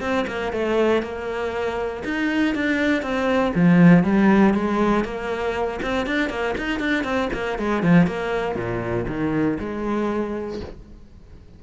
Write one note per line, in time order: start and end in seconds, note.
0.00 0.25 C4
0.27 0.52 A#3
0.52 1.02 A3
1.02 2.03 A#3
2.04 2.54 D#4
2.55 3.02 D4
3.02 3.52 C4
3.54 4.03 F3
4.03 4.54 G3
4.54 5.04 G#3
5.04 5.80 A#3
5.82 6.06 C4
6.06 6.29 D4
6.29 6.55 A#3
6.58 6.79 D#4
6.79 7.04 D4
7.04 7.29 C4
7.33 7.58 A#3
7.58 7.82 G#3
7.82 8.06 F3
8.06 8.55 A#3
8.55 9.05 A#2
9.07 9.58 D#3
9.59 10.60 G#3